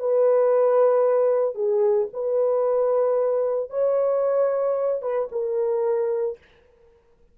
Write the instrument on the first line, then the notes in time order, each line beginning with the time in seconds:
horn
0.00 B4
1.55 G#4
2.13 B4
3.70 C#5
5.02 B4
5.32 A#4